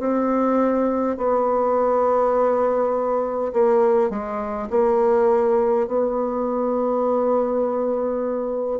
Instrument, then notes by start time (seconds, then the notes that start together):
bassoon
0.00 C4
1.17 B3
3.53 A#3
4.10 G#3
4.70 A#3
5.87 B3